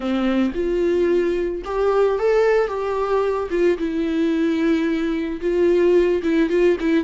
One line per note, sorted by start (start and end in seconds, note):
0.00 0.52 C4
0.54 1.62 F4
1.64 2.18 G4
2.18 2.67 A4
2.67 3.48 G4
3.50 3.77 F4
3.78 5.40 E4
5.41 6.22 F4
6.22 6.49 E4
6.49 6.76 F4
6.80 7.04 E4